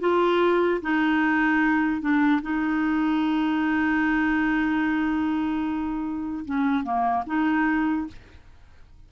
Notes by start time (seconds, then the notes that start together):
0.00 F4
0.82 D#4
2.01 D4
2.42 D#4
6.45 C#4
6.83 A#3
7.26 D#4